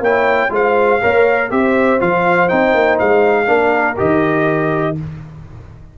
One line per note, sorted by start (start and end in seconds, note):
0.00 0.49 A#3
0.00 0.49 E4
0.00 0.51 C#5
0.00 0.52 G5
0.49 0.99 G#3
0.49 0.98 F4
0.49 1.01 C5
0.49 1.51 F5
1.01 1.51 A#3
1.01 1.50 A#4
1.01 1.50 C#5
1.50 2.00 C4
1.50 1.99 G4
1.50 3.47 C5
1.50 2.00 E5
1.99 2.50 F3
1.99 2.48 F4
1.99 2.48 F5
2.48 2.74 C4
2.48 3.46 D#4
2.48 2.97 G5
2.74 2.98 A#3
2.99 3.48 G#3
2.99 3.97 F5
3.46 3.97 A#3
3.46 3.95 D4
3.46 4.94 A#4
3.96 4.98 D#3
3.96 4.95 G4
3.96 4.97 D#5